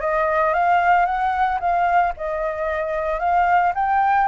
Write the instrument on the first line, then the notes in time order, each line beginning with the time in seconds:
flute
0.00 D#5
0.53 F5
1.05 F#5
1.60 F5
2.16 D#5
3.19 F5
3.74 G5